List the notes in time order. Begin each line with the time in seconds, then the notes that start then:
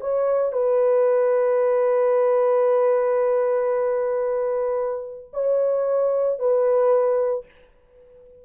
0.00 C#5
0.52 B4
5.33 C#5
6.39 B4